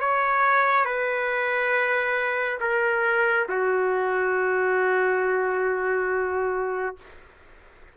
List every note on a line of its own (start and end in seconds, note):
0.00 0.85 C#5
0.85 2.59 B4
2.60 3.47 A#4
3.49 6.96 F#4